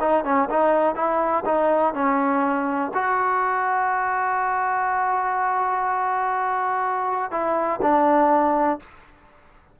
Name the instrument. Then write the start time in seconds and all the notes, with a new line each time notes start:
trombone
0.00 D#4
0.24 C#4
0.49 D#4
0.95 E4
1.45 D#4
1.94 C#4
2.94 F#4
7.31 E4
7.82 D4